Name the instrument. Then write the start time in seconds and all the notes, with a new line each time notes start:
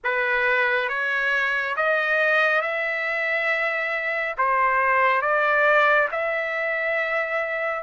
trumpet
0.04 B4
0.88 C#5
1.76 D#5
2.61 E5
4.37 C5
5.21 D5
6.11 E5